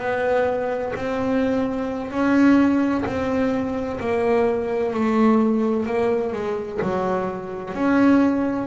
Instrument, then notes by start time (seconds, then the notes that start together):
double bass
0.00 B3
0.96 C4
2.11 C#4
3.06 C4
4.01 A#3
4.94 A3
5.87 A#3
6.33 G#3
6.82 F#3
7.74 C#4